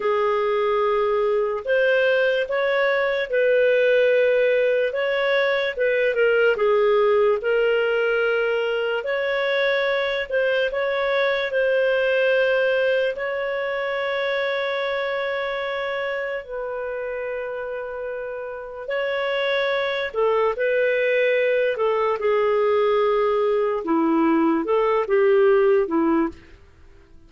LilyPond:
\new Staff \with { instrumentName = "clarinet" } { \time 4/4 \tempo 4 = 73 gis'2 c''4 cis''4 | b'2 cis''4 b'8 ais'8 | gis'4 ais'2 cis''4~ | cis''8 c''8 cis''4 c''2 |
cis''1 | b'2. cis''4~ | cis''8 a'8 b'4. a'8 gis'4~ | gis'4 e'4 a'8 g'4 e'8 | }